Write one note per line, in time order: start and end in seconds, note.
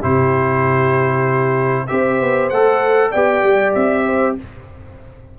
0.00 1.90 C3
0.00 1.88 E4
0.00 1.86 G4
0.00 1.87 C5
1.87 2.21 C4
1.87 2.51 G4
1.87 3.11 C5
1.87 2.49 E5
2.21 2.51 B3
2.49 3.13 A3
2.49 3.15 A4
2.49 3.11 F#5
3.11 3.44 B3
3.11 4.39 G4
3.11 4.04 D5
3.11 3.73 G5
3.44 3.75 G3
3.75 4.38 C4
3.75 4.36 E5
4.06 4.36 C5